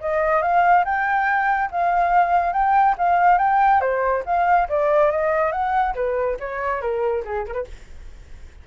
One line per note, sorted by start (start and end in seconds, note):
0.00 0.42 D#5
0.42 0.84 F5
0.85 1.70 G5
1.71 2.52 F5
2.52 2.95 G5
2.98 3.38 F5
3.38 3.81 G5
3.81 4.23 C5
4.26 4.68 F5
4.68 5.11 D5
5.11 5.52 D#5
5.52 5.94 F#5
5.95 6.37 B4
6.39 6.81 C#5
6.81 7.23 A#4
7.25 7.46 G#4
7.46 7.54 A#4
7.54 7.64 B4